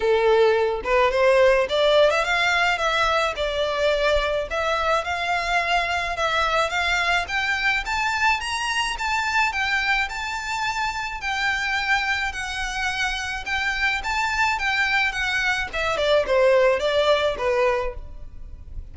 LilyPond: \new Staff \with { instrumentName = "violin" } { \time 4/4 \tempo 4 = 107 a'4. b'8 c''4 d''8. e''16 | f''4 e''4 d''2 | e''4 f''2 e''4 | f''4 g''4 a''4 ais''4 |
a''4 g''4 a''2 | g''2 fis''2 | g''4 a''4 g''4 fis''4 | e''8 d''8 c''4 d''4 b'4 | }